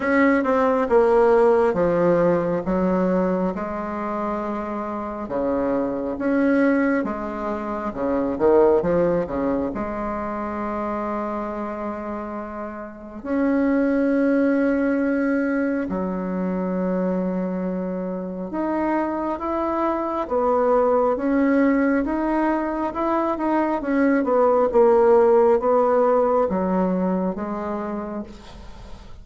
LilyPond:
\new Staff \with { instrumentName = "bassoon" } { \time 4/4 \tempo 4 = 68 cis'8 c'8 ais4 f4 fis4 | gis2 cis4 cis'4 | gis4 cis8 dis8 f8 cis8 gis4~ | gis2. cis'4~ |
cis'2 fis2~ | fis4 dis'4 e'4 b4 | cis'4 dis'4 e'8 dis'8 cis'8 b8 | ais4 b4 fis4 gis4 | }